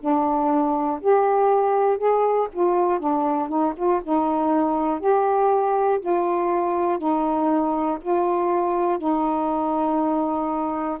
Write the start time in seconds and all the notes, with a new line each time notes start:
0.00 D4
1.00 G4
1.98 G#4
2.52 F4
2.99 D4
3.48 D#4
3.75 F4
4.03 D#4
5.00 G4
6.00 F4
6.98 D#4
8.01 F4
8.98 D#4